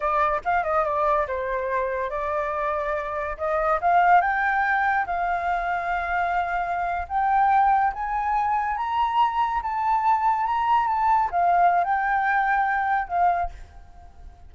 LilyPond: \new Staff \with { instrumentName = "flute" } { \time 4/4 \tempo 4 = 142 d''4 f''8 dis''8 d''4 c''4~ | c''4 d''2. | dis''4 f''4 g''2 | f''1~ |
f''8. g''2 gis''4~ gis''16~ | gis''8. ais''2 a''4~ a''16~ | a''8. ais''4 a''4 f''4~ f''16 | g''2. f''4 | }